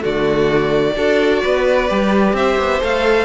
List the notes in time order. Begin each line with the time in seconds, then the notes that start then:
0.00 D3 A3 F#4 D5
0.97 D4 F#4 A4
1.43 B3 B4
1.89 G3 G4
2.33 C4 C5 E5
2.59 B3
2.81 A3 A4 F5